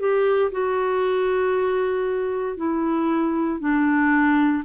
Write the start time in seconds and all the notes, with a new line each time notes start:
0.00 G4
0.52 F#4
2.57 E4
3.61 D4